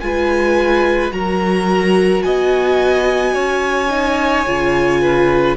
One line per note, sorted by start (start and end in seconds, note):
0.00 1.11 G#3
0.00 1.10 F4
0.00 1.13 B4
0.00 1.11 G#5
1.10 2.22 F#3
1.10 3.88 F#4
1.10 2.24 A#4
1.10 2.22 A#5
2.22 3.34 B3
2.22 3.34 D#5
2.22 5.56 G#5
3.34 4.46 C#4
3.34 5.00 C#5
3.90 4.45 D#4
4.46 5.57 C#3
4.46 5.57 F4
5.01 5.56 B4